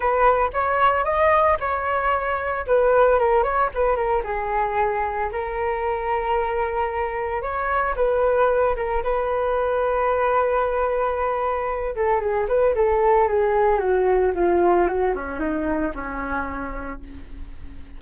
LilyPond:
\new Staff \with { instrumentName = "flute" } { \time 4/4 \tempo 4 = 113 b'4 cis''4 dis''4 cis''4~ | cis''4 b'4 ais'8 cis''8 b'8 ais'8 | gis'2 ais'2~ | ais'2 cis''4 b'4~ |
b'8 ais'8 b'2.~ | b'2~ b'8 a'8 gis'8 b'8 | a'4 gis'4 fis'4 f'4 | fis'8 cis'8 dis'4 cis'2 | }